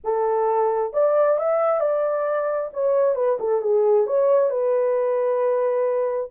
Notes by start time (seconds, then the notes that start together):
0.04 A4
0.93 D5
1.38 E5
1.80 D5
2.73 C#5
3.15 B4
3.39 A4
3.61 G#4
4.06 C#5
4.50 B4